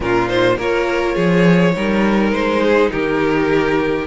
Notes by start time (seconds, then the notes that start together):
0.00 A#2 C#4 F4 A#4
0.28 D#4 C5
0.56 A#3 F4 A#4 C#5
1.14 F3 G#4
1.74 G3 D#4 A#4
2.31 G#3 C5
2.63 G#4
2.91 D#3 G4 A#4